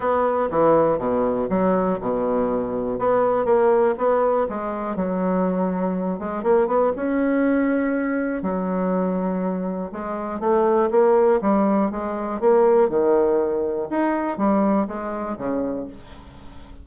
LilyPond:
\new Staff \with { instrumentName = "bassoon" } { \time 4/4 \tempo 4 = 121 b4 e4 b,4 fis4 | b,2 b4 ais4 | b4 gis4 fis2~ | fis8 gis8 ais8 b8 cis'2~ |
cis'4 fis2. | gis4 a4 ais4 g4 | gis4 ais4 dis2 | dis'4 g4 gis4 cis4 | }